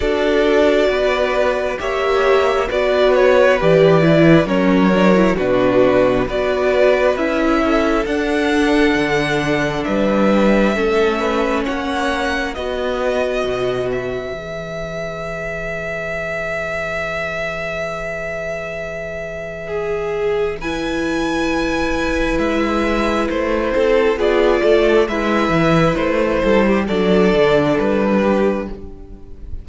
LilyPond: <<
  \new Staff \with { instrumentName = "violin" } { \time 4/4 \tempo 4 = 67 d''2 e''4 d''8 cis''8 | d''4 cis''4 b'4 d''4 | e''4 fis''2 e''4~ | e''4 fis''4 dis''4. e''8~ |
e''1~ | e''2. gis''4~ | gis''4 e''4 c''4 d''4 | e''4 c''4 d''4 b'4 | }
  \new Staff \with { instrumentName = "violin" } { \time 4/4 a'4 b'4 cis''4 b'4~ | b'4 ais'4 fis'4 b'4~ | b'8 a'2~ a'8 b'4 | a'8 b'8 cis''4 b'2~ |
b'1~ | b'2 gis'4 b'4~ | b'2~ b'8 a'8 gis'8 a'8 | b'4. a'16 g'16 a'4. g'8 | }
  \new Staff \with { instrumentName = "viola" } { \time 4/4 fis'2 g'4 fis'4 | g'8 e'8 cis'8 d'16 e'16 d'4 fis'4 | e'4 d'2. | cis'2 fis'2 |
gis'1~ | gis'2. e'4~ | e'2. f'4 | e'2 d'2 | }
  \new Staff \with { instrumentName = "cello" } { \time 4/4 d'4 b4 ais4 b4 | e4 fis4 b,4 b4 | cis'4 d'4 d4 g4 | a4 ais4 b4 b,4 |
e1~ | e1~ | e4 gis4 a8 c'8 b8 a8 | gis8 e8 a8 g8 fis8 d8 g4 | }
>>